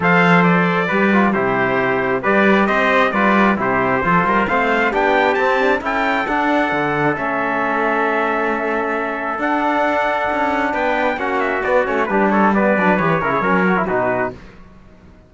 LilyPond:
<<
  \new Staff \with { instrumentName = "trumpet" } { \time 4/4 \tempo 4 = 134 f''4 d''2 c''4~ | c''4 d''4 dis''4 d''4 | c''2 f''4 g''4 | a''4 g''4 fis''2 |
e''1~ | e''4 fis''2. | g''4 fis''8 e''8 d''8 cis''8 b'8 cis''8 | d''4 cis''2 b'4 | }
  \new Staff \with { instrumentName = "trumpet" } { \time 4/4 c''2 b'4 g'4~ | g'4 b'4 c''4 b'4 | g'4 a'8 ais'8 c''4 g'4~ | g'4 a'2.~ |
a'1~ | a'1 | b'4 fis'2 g'8 a'8 | b'4. ais'16 gis'16 ais'4 fis'4 | }
  \new Staff \with { instrumentName = "trombone" } { \time 4/4 a'2 g'8 f'8 e'4~ | e'4 g'2 f'4 | e'4 f'4 c'4 d'4 | c'8 d'8 e'4 d'2 |
cis'1~ | cis'4 d'2.~ | d'4 cis'4 b8 cis'8 d'4 | b8 d'8 g'8 e'8 cis'8 fis'16 e'16 dis'4 | }
  \new Staff \with { instrumentName = "cello" } { \time 4/4 f2 g4 c4~ | c4 g4 c'4 g4 | c4 f8 g8 a4 b4 | c'4 cis'4 d'4 d4 |
a1~ | a4 d'2 cis'4 | b4 ais4 b8 a8 g4~ | g8 fis8 e8 cis8 fis4 b,4 | }
>>